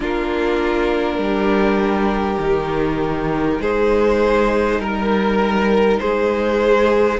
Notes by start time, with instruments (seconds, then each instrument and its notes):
0.00 cello A#3, viola D4, violin F4 A#4
1.18 cello G3, violin G4
2.39 cello D#3, viola D#4
3.60 cello G#3, violin G#4 C5
4.78 cello G3, violin A#4
5.99 cello G#3, violin G#4 C5